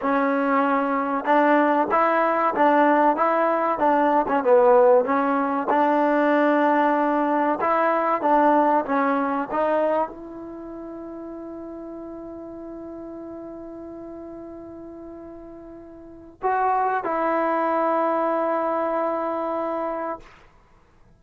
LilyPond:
\new Staff \with { instrumentName = "trombone" } { \time 4/4 \tempo 4 = 95 cis'2 d'4 e'4 | d'4 e'4 d'8. cis'16 b4 | cis'4 d'2. | e'4 d'4 cis'4 dis'4 |
e'1~ | e'1~ | e'2 fis'4 e'4~ | e'1 | }